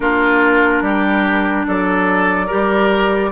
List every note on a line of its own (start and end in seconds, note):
0.00 0.81 A#3
0.00 2.48 D4
0.00 0.83 F4
0.00 1.66 A#4
0.81 1.64 G3
0.81 1.66 G4
1.66 2.51 F#3
1.66 2.46 A4
1.66 3.32 D5
2.46 3.32 G3
2.46 3.32 G4
2.46 3.30 A#4